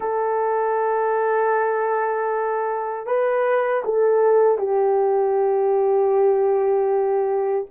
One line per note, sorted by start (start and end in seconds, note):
0.00 3.06 A4
3.06 3.83 B4
3.84 4.58 A4
4.58 7.65 G4